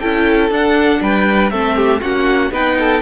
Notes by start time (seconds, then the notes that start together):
0.00 C#4 E4 A4 G5
0.51 D4 F#5
1.02 G3 B4 G5
1.50 A3 C4 A4 E5
1.76 G4
2.01 A#3 C#4 F#4 F#5
2.51 B3 D#4 B4 G5
2.80 A4